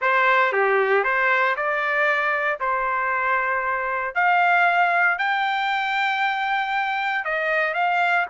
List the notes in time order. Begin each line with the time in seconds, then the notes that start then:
0.01 C5
0.52 G4
1.03 C5
1.56 D5
2.60 C5
4.14 F5
5.18 G5
7.25 D#5
7.74 F5